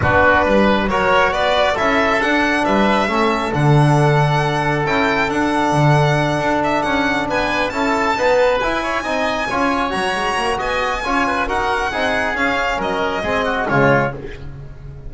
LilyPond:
<<
  \new Staff \with { instrumentName = "violin" } { \time 4/4 \tempo 4 = 136 b'2 cis''4 d''4 | e''4 fis''4 e''2 | fis''2. g''4 | fis''2. e''8 fis''8~ |
fis''8 gis''4 a''2 gis''8~ | gis''2~ gis''8 ais''4. | gis''2 fis''2 | f''4 dis''2 cis''4 | }
  \new Staff \with { instrumentName = "oboe" } { \time 4/4 fis'4 b'4 ais'4 b'4 | a'2 b'4 a'4~ | a'1~ | a'1~ |
a'8 b'4 a'4 b'4. | cis''8 dis''4 cis''2~ cis''8 | dis''4 cis''8 b'8 ais'4 gis'4~ | gis'4 ais'4 gis'8 fis'8 f'4 | }
  \new Staff \with { instrumentName = "trombone" } { \time 4/4 d'2 fis'2 | e'4 d'2 cis'4 | d'2. e'4 | d'1~ |
d'4. e'4 b4 e'8~ | e'8 dis'4 f'4 fis'4.~ | fis'4 f'4 fis'4 dis'4 | cis'2 c'4 gis4 | }
  \new Staff \with { instrumentName = "double bass" } { \time 4/4 b4 g4 fis4 b4 | cis'4 d'4 g4 a4 | d2. cis'4 | d'4 d4. d'4 cis'8~ |
cis'8 b4 cis'4 dis'4 e'8~ | e'8 c'4 cis'4 fis8 gis8 ais8 | b4 cis'4 dis'4 c'4 | cis'4 fis4 gis4 cis4 | }
>>